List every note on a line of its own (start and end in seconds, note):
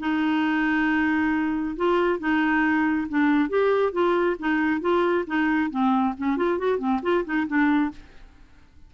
0.00 1.76 D#4
1.77 2.20 F4
2.20 3.08 D#4
3.09 3.50 D4
3.50 3.93 G4
3.93 4.37 F4
4.40 4.81 D#4
4.81 5.25 F4
5.27 5.71 D#4
5.71 6.15 C4
6.18 6.37 C#4
6.37 6.59 F4
6.59 6.79 F#4
6.79 7.01 C4
7.03 7.25 F4
7.25 7.47 D#4
7.47 7.92 D4